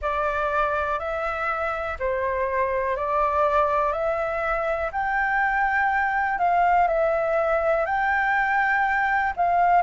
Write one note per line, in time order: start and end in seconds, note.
0.01 0.99 D5
0.99 1.97 E5
1.99 2.96 C5
2.96 3.92 D5
3.92 4.90 E5
4.92 6.38 G5
6.38 6.87 F5
6.87 7.85 E5
7.85 9.33 G5
9.36 9.82 F5